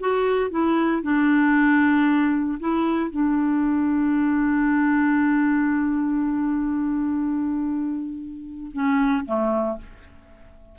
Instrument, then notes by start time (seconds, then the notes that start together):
clarinet
0.00 F#4
0.51 E4
1.02 D4
2.60 E4
3.10 D4
8.73 C#4
9.25 A3